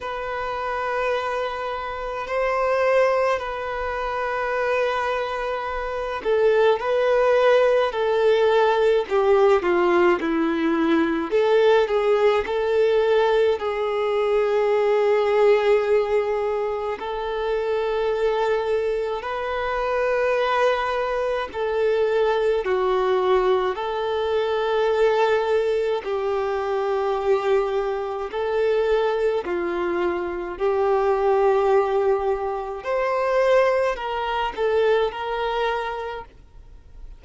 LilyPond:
\new Staff \with { instrumentName = "violin" } { \time 4/4 \tempo 4 = 53 b'2 c''4 b'4~ | b'4. a'8 b'4 a'4 | g'8 f'8 e'4 a'8 gis'8 a'4 | gis'2. a'4~ |
a'4 b'2 a'4 | fis'4 a'2 g'4~ | g'4 a'4 f'4 g'4~ | g'4 c''4 ais'8 a'8 ais'4 | }